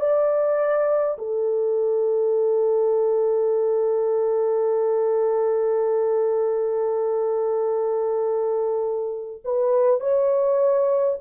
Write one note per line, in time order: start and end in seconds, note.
0.00 1.18 D5
1.18 9.42 A4
9.44 10.01 B4
10.01 11.18 C#5